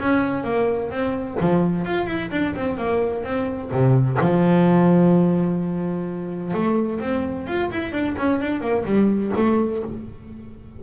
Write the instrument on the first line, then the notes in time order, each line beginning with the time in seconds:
double bass
0.00 C#4
0.44 A#3
0.91 C4
1.41 F3
1.85 F4
2.07 E4
2.31 D4
2.56 C4
2.78 A#3
3.24 C4
3.72 C3
4.21 F3
6.54 A3
7.01 C4
7.47 F4
7.72 E4
7.93 D4
8.18 C#4
8.41 D4
8.62 A#3
8.86 G3
9.37 A3